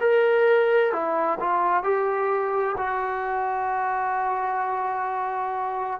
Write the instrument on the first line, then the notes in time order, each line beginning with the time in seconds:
trombone
0.00 A#4
0.92 E4
1.40 F4
1.83 G4
2.77 F#4